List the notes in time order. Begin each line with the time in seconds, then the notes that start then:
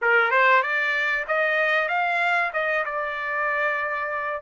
0.01 A#4
0.30 C5
0.62 D5
1.27 D#5
1.88 F5
2.53 D#5
2.85 D5